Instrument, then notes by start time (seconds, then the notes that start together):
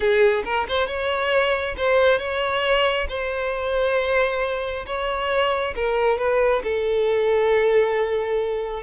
violin
0.00 G#4
0.44 A#4
0.68 C5
0.87 C#5
1.77 C5
2.18 C#5
3.09 C5
4.86 C#5
5.75 A#4
6.18 B4
6.63 A4